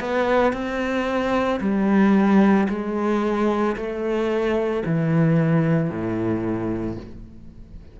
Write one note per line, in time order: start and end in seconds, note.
0.00 0.53 B3
0.53 1.60 C4
1.60 2.67 G3
2.69 3.76 G#3
3.76 4.83 A3
4.86 5.90 E3
5.90 6.97 A2